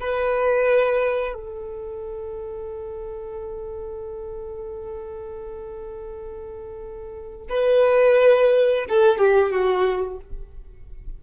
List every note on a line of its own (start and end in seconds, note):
0.00 1.34 B4
1.34 7.48 A4
7.49 8.86 B4
8.89 9.18 A4
9.18 9.52 G4
9.52 10.20 F#4